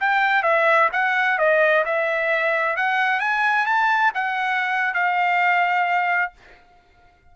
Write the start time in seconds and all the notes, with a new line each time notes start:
0.00 G5
0.43 E5
0.93 F#5
1.38 D#5
1.85 E5
2.77 F#5
3.20 G#5
3.66 A5
4.15 F#5
4.94 F5